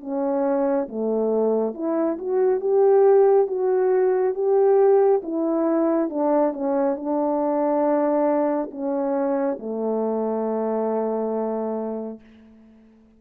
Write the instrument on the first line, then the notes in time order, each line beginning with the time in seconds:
horn
0.00 C#4
0.88 A3
1.74 E4
2.18 F#4
2.60 G4
3.47 F#4
4.34 G4
5.22 E4
6.09 D4
6.53 C#4
6.96 D4
8.71 C#4
9.58 A3